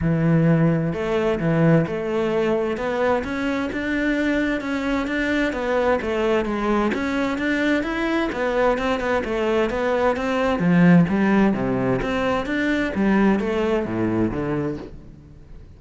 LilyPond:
\new Staff \with { instrumentName = "cello" } { \time 4/4 \tempo 4 = 130 e2 a4 e4 | a2 b4 cis'4 | d'2 cis'4 d'4 | b4 a4 gis4 cis'4 |
d'4 e'4 b4 c'8 b8 | a4 b4 c'4 f4 | g4 c4 c'4 d'4 | g4 a4 a,4 d4 | }